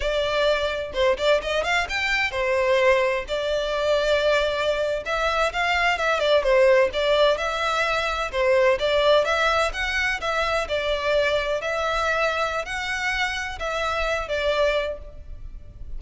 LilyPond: \new Staff \with { instrumentName = "violin" } { \time 4/4 \tempo 4 = 128 d''2 c''8 d''8 dis''8 f''8 | g''4 c''2 d''4~ | d''2~ d''8. e''4 f''16~ | f''8. e''8 d''8 c''4 d''4 e''16~ |
e''4.~ e''16 c''4 d''4 e''16~ | e''8. fis''4 e''4 d''4~ d''16~ | d''8. e''2~ e''16 fis''4~ | fis''4 e''4. d''4. | }